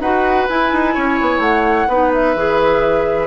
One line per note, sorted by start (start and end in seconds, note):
0.00 0.47 D#4
0.00 0.49 F#4
0.00 0.94 B4
0.00 0.48 F#5
0.49 1.90 E4
0.49 0.73 E4
0.49 1.41 G#5
0.73 0.96 D#4
0.94 1.20 C#4
0.94 1.88 C#5
1.21 1.39 B3
1.39 1.86 A3
1.39 2.12 F#5
1.88 2.35 B3
1.88 2.37 D#4
1.88 3.27 B4
2.13 3.27 E5
2.35 3.27 E3
2.35 3.27 G#4